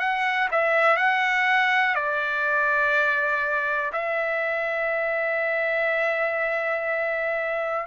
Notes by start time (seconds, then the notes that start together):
0.00 F#5
0.52 E5
0.97 F#5
1.95 D5
3.93 E5